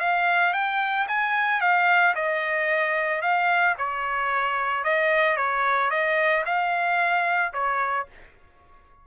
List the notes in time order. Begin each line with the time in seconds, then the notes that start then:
0.00 F5
0.53 G5
1.08 G#5
1.61 F5
2.15 D#5
3.22 F5
3.78 C#5
4.84 D#5
5.37 C#5
5.91 D#5
6.46 F5
7.53 C#5